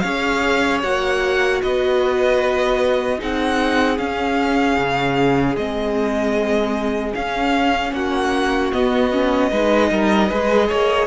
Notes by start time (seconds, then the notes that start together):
0.00 C#4 G#4 C#5 F5
0.83 A#3 F#4 F#5
1.63 B3 B4 D#5
3.18 C4 D#4 G#4 F#5
3.98 C#4 F5
4.78 C#3
5.56 G#3 C4 D#5
7.15 C#4 F5
7.93 A#3 F#4 F#5
8.73 B3 D#5
9.12 C#4
9.51 G#3 D#4 B4
9.91 G3 A#4
10.29 G#3 G#4 B4
10.69 A#3 C#5